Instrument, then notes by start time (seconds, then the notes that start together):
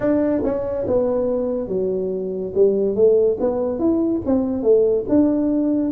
tuba
0.00 D4
0.43 C#4
0.87 B3
1.67 F#3
2.55 G3
2.95 A3
3.40 B3
3.79 E4
4.25 C4
4.62 A3
5.08 D4